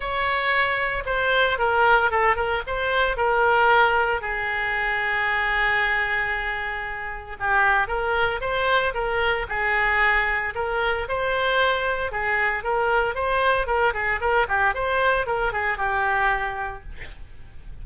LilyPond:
\new Staff \with { instrumentName = "oboe" } { \time 4/4 \tempo 4 = 114 cis''2 c''4 ais'4 | a'8 ais'8 c''4 ais'2 | gis'1~ | gis'2 g'4 ais'4 |
c''4 ais'4 gis'2 | ais'4 c''2 gis'4 | ais'4 c''4 ais'8 gis'8 ais'8 g'8 | c''4 ais'8 gis'8 g'2 | }